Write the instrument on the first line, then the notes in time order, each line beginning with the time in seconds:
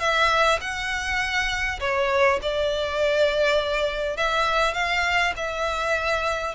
violin
0.00 E5
0.61 F#5
1.80 C#5
2.42 D5
4.17 E5
4.74 F5
5.37 E5